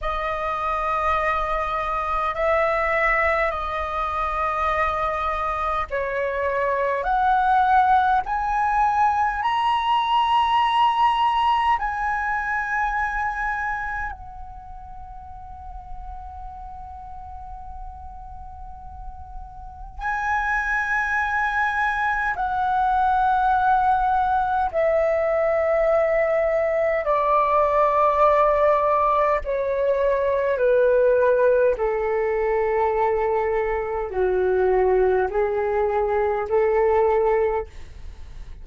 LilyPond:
\new Staff \with { instrumentName = "flute" } { \time 4/4 \tempo 4 = 51 dis''2 e''4 dis''4~ | dis''4 cis''4 fis''4 gis''4 | ais''2 gis''2 | fis''1~ |
fis''4 gis''2 fis''4~ | fis''4 e''2 d''4~ | d''4 cis''4 b'4 a'4~ | a'4 fis'4 gis'4 a'4 | }